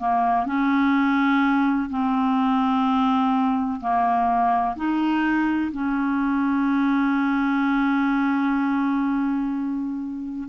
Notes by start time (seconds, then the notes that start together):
0.00 A#3
0.47 C#4
1.90 C4
3.81 A#3
4.76 D#4
5.73 C#4